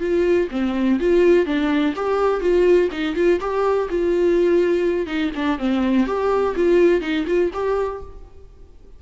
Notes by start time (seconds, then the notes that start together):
0.00 F4
0.51 C4
1.00 F4
1.46 D4
1.96 G4
2.41 F4
2.92 D#4
3.15 F4
3.40 G4
3.90 F4
5.07 D#4
5.36 D4
5.59 C4
6.06 G4
6.56 F4
7.01 D#4
7.27 F4
7.53 G4